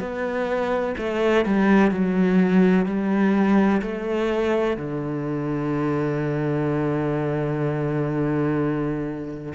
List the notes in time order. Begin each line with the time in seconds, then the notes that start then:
0.00 B3
0.98 A3
1.45 G3
1.91 F#3
2.86 G3
3.82 A3
4.77 D3